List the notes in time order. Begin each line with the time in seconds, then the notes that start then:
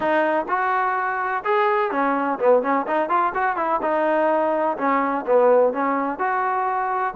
0.00 D#4
0.48 F#4
1.44 G#4
1.91 C#4
2.39 B3
2.62 C#4
2.87 D#4
3.09 F4
3.34 F#4
3.56 E4
3.81 D#4
4.77 C#4
5.26 B3
5.73 C#4
6.18 F#4